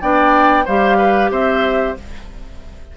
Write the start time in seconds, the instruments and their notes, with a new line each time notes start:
0.00 bassoon B3, clarinet D4, oboe D5, flute G5
0.64 bassoon G3, clarinet G4, oboe C5, flute F5
0.98 oboe B4
1.31 bassoon C4, oboe C5, flute E5